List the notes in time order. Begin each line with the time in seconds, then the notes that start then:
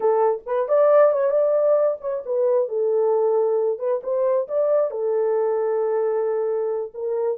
0.00 A4
0.46 B4
0.68 D5
1.12 C#5
1.30 D5
2.00 C#5
2.25 B4
2.68 A4
3.78 B4
4.03 C5
4.48 D5
4.90 A4
6.94 A#4